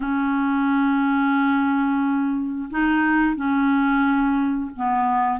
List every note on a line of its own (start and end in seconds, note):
0.00 2.69 C#4
2.70 3.35 D#4
3.35 4.70 C#4
4.76 5.39 B3